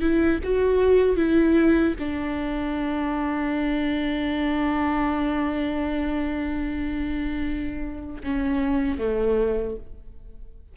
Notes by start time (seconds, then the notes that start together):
0.00 E4
0.43 F#4
1.16 E4
1.99 D4
8.23 C#4
8.98 A3